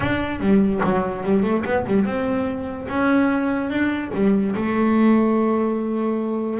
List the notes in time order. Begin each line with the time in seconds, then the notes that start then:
0.00 D4
0.40 G3
0.84 F#3
1.23 G3
1.43 A3
1.65 B3
1.86 G3
2.05 C4
2.88 C#4
3.70 D4
4.14 G3
4.55 A3